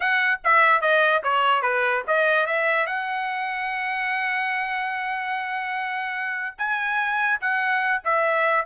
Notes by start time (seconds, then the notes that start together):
0.00 F#5
0.43 E5
0.81 D#5
1.23 C#5
1.62 B4
2.07 D#5
2.46 E5
2.86 F#5
6.58 G#5
7.40 F#5
8.04 E5